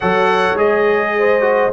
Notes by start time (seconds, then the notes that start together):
0.00 F#3 A4 C#5 F#5
0.54 G#3 G#4 D#5
1.18 C5
1.41 F#4